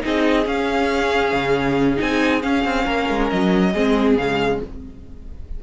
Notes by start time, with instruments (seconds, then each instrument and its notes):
0.00 cello C4, viola D#4, violin G#4 D#5
0.46 cello C#4, viola C#4, violin F5
1.32 cello C#3
1.97 cello C4, viola D#4, violin G#5
2.41 viola C#4, cello C#4, violin F5
2.64 cello C4
2.85 cello A#3, violin A#4
3.09 cello G#3
3.29 cello F#3, violin D#5
3.71 cello G#3, viola C4, violin G#4
4.16 cello C#3, viola G#3, violin F5